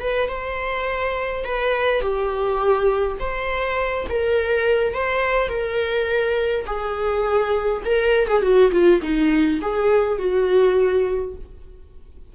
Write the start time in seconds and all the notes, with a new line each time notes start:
0.00 B4
0.28 C5
1.44 B4
2.01 G4
3.19 C5
4.09 A#4
4.94 C5
5.48 A#4
6.66 G#4
7.85 A#4
8.27 G#4
8.42 F#4
8.71 F4
9.02 D#4
9.61 G#4
10.18 F#4